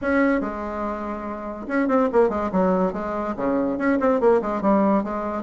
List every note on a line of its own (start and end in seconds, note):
0.01 0.40 C#4
0.40 1.66 G#3
1.67 1.88 C#4
1.88 2.09 C4
2.12 2.29 A#3
2.29 2.50 G#3
2.52 2.93 F#3
2.93 3.35 G#3
3.36 3.77 C#3
3.77 3.98 C#4
4.00 4.20 C4
4.20 4.41 A#3
4.41 4.61 G#3
4.61 5.03 G3
5.03 5.43 G#3